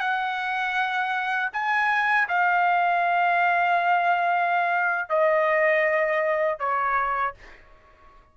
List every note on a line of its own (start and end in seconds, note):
0.00 1.50 F#5
1.53 2.28 G#5
2.28 5.09 F5
5.09 6.59 D#5
6.59 7.34 C#5